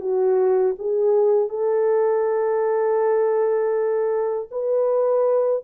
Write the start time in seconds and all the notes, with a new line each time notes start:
0.00 F#4
0.78 G#4
1.49 A4
4.51 B4